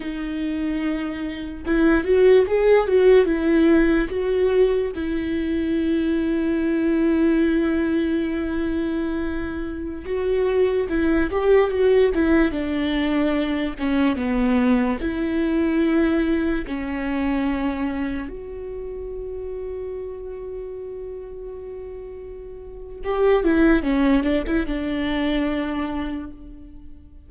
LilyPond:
\new Staff \with { instrumentName = "viola" } { \time 4/4 \tempo 4 = 73 dis'2 e'8 fis'8 gis'8 fis'8 | e'4 fis'4 e'2~ | e'1~ | e'16 fis'4 e'8 g'8 fis'8 e'8 d'8.~ |
d'8. cis'8 b4 e'4.~ e'16~ | e'16 cis'2 fis'4.~ fis'16~ | fis'1 | g'8 e'8 cis'8 d'16 e'16 d'2 | }